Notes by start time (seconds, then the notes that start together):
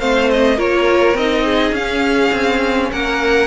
0.00 A3 C4 C5 F5
0.31 D#5
0.57 A#3 F4 A#4 C#5
1.14 C4 D#4 D#5
1.44 G#4
1.72 C#4 F5
2.32 C4
2.92 A#3 A#4 F#5